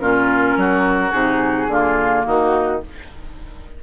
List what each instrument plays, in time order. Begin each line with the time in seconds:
0.00 bassoon A#2, clarinet C#4, oboe F4, flute A#4
0.57 bassoon F#3, oboe F#4
1.11 bassoon C3, clarinet D#4, flute G#4
1.67 bassoon D3, clarinet A#3, oboe F4
2.24 bassoon D#3, oboe D#4, flute F#4